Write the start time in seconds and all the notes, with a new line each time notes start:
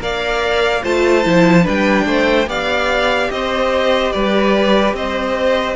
0.00 A#3 A#4 D5 F5
0.83 A3 F4 C5 A5
1.24 F3 E4
1.62 G3 D4 B4 G5
2.06 A3 C5
2.46 B3 G4 D5 F5
3.30 C4 C5 D#5
4.11 G3 B4 D5
4.93 C4 C5 D#5